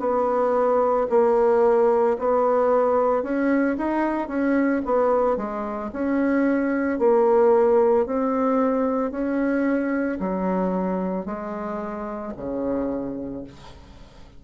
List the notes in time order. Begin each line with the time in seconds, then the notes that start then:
0.00 B3
1.10 A#3
2.19 B3
3.23 C#4
3.78 D#4
4.28 C#4
4.86 B3
5.37 G#3
5.93 C#4
6.99 A#3
8.06 C4
9.12 C#4
10.20 F#3
11.26 G#3
12.37 C#3